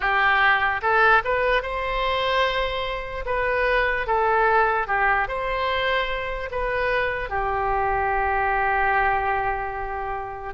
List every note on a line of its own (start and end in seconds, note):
0.00 0.81 G4
0.81 1.22 A4
1.24 1.62 B4
1.62 3.24 C5
3.25 4.07 B4
4.07 4.87 A4
4.87 5.27 G4
5.28 6.49 C5
6.51 7.29 B4
7.29 10.54 G4